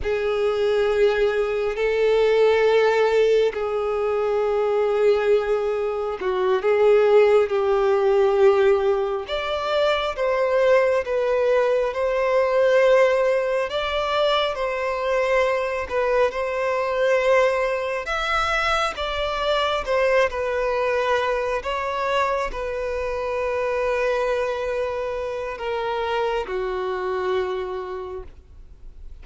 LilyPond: \new Staff \with { instrumentName = "violin" } { \time 4/4 \tempo 4 = 68 gis'2 a'2 | gis'2. fis'8 gis'8~ | gis'8 g'2 d''4 c''8~ | c''8 b'4 c''2 d''8~ |
d''8 c''4. b'8 c''4.~ | c''8 e''4 d''4 c''8 b'4~ | b'8 cis''4 b'2~ b'8~ | b'4 ais'4 fis'2 | }